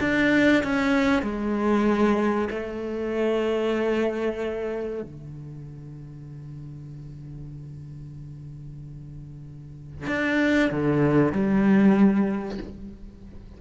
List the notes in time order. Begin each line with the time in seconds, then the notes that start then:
0.00 D4
0.63 C#4
1.22 G#3
2.50 A3
5.02 D3
10.07 D4
10.70 D3
11.32 G3